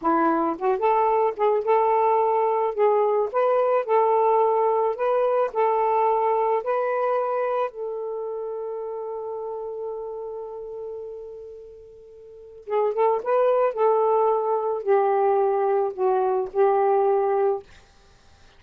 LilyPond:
\new Staff \with { instrumentName = "saxophone" } { \time 4/4 \tempo 4 = 109 e'4 fis'8 a'4 gis'8 a'4~ | a'4 gis'4 b'4 a'4~ | a'4 b'4 a'2 | b'2 a'2~ |
a'1~ | a'2. gis'8 a'8 | b'4 a'2 g'4~ | g'4 fis'4 g'2 | }